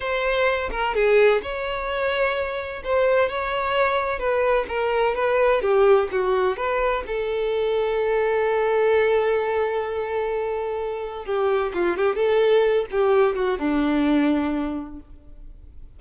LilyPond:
\new Staff \with { instrumentName = "violin" } { \time 4/4 \tempo 4 = 128 c''4. ais'8 gis'4 cis''4~ | cis''2 c''4 cis''4~ | cis''4 b'4 ais'4 b'4 | g'4 fis'4 b'4 a'4~ |
a'1~ | a'1 | g'4 f'8 g'8 a'4. g'8~ | g'8 fis'8 d'2. | }